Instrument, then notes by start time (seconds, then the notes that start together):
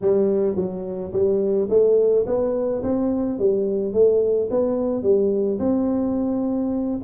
tuba
0.01 G3
0.56 F#3
1.12 G3
1.69 A3
2.26 B3
2.82 C4
3.38 G3
3.93 A3
4.50 B3
5.02 G3
5.59 C4